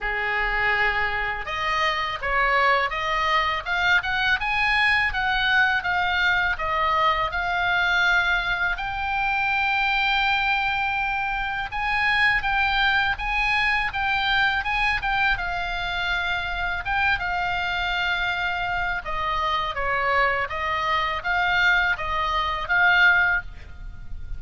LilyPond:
\new Staff \with { instrumentName = "oboe" } { \time 4/4 \tempo 4 = 82 gis'2 dis''4 cis''4 | dis''4 f''8 fis''8 gis''4 fis''4 | f''4 dis''4 f''2 | g''1 |
gis''4 g''4 gis''4 g''4 | gis''8 g''8 f''2 g''8 f''8~ | f''2 dis''4 cis''4 | dis''4 f''4 dis''4 f''4 | }